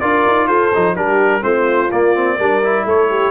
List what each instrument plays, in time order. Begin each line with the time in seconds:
0.00 tuba D4, trombone F4, horn A#4, trumpet D5
0.27 tuba D#4
0.48 tuba F4, horn A4, trumpet C5
0.74 tuba F3, trombone D#4
0.95 tuba G3, trombone D4, horn G4, trumpet A#4
1.41 tuba A3, trombone C4, horn F4, trumpet C5
1.92 tuba A#3, trombone A#3, trumpet D5
2.15 trombone C4
2.37 tuba G3, trombone D4, horn A#4
2.63 trombone E4
2.85 tuba A3, horn A4, trumpet C#5
3.09 horn G4